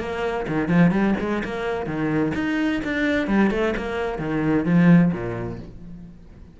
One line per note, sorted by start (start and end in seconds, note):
0.00 0.47 A#3
0.48 0.68 D#3
0.68 0.91 F3
0.91 1.15 G3
1.20 1.43 G#3
1.44 1.86 A#3
1.86 2.33 D#3
2.35 2.81 D#4
2.84 3.27 D4
3.27 3.51 G3
3.51 3.74 A3
3.77 4.19 A#3
4.19 4.65 D#3
4.65 5.12 F3
5.13 5.59 A#2